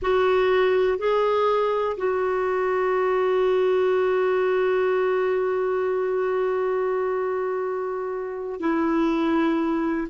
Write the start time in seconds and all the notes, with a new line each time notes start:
0.01 F#4
0.98 G#4
1.97 F#4
8.60 E4